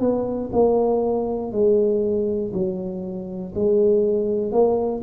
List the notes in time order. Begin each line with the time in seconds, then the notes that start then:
0.00 B3
0.52 A#3
1.52 G#3
2.53 F#3
3.55 G#3
4.52 A#3